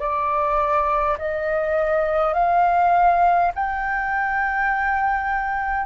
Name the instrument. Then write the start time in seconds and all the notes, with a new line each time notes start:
flute
0.00 D5
1.19 D#5
2.34 F5
3.55 G5